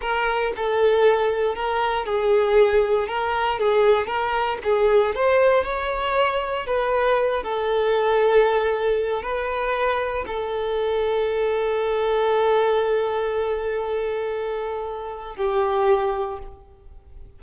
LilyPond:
\new Staff \with { instrumentName = "violin" } { \time 4/4 \tempo 4 = 117 ais'4 a'2 ais'4 | gis'2 ais'4 gis'4 | ais'4 gis'4 c''4 cis''4~ | cis''4 b'4. a'4.~ |
a'2 b'2 | a'1~ | a'1~ | a'2 g'2 | }